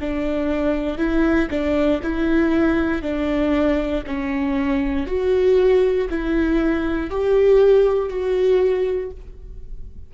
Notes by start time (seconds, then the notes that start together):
0.00 D4
0.98 E4
1.50 D4
2.02 E4
3.02 D4
4.06 C#4
5.07 F#4
6.09 E4
7.10 G4
8.09 F#4